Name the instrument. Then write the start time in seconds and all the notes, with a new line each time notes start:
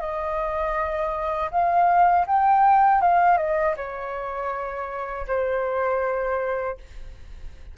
flute
0.00 D#5
1.51 F5
2.26 G5
3.01 F5
3.38 D#5
3.76 C#5
5.27 C5